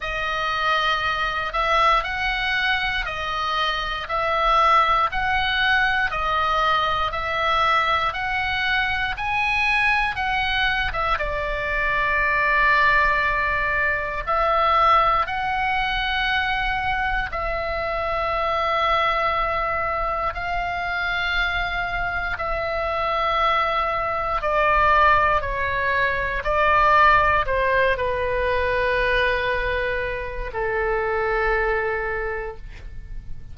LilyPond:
\new Staff \with { instrumentName = "oboe" } { \time 4/4 \tempo 4 = 59 dis''4. e''8 fis''4 dis''4 | e''4 fis''4 dis''4 e''4 | fis''4 gis''4 fis''8. e''16 d''4~ | d''2 e''4 fis''4~ |
fis''4 e''2. | f''2 e''2 | d''4 cis''4 d''4 c''8 b'8~ | b'2 a'2 | }